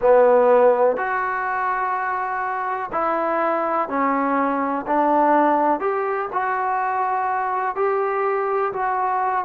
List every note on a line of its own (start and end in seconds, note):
0.00 0.97 B3
0.97 2.90 F#4
2.92 3.88 E4
3.88 4.85 C#4
4.86 5.80 D4
5.80 6.28 G4
6.32 7.75 F#4
7.75 8.72 G4
8.73 9.45 F#4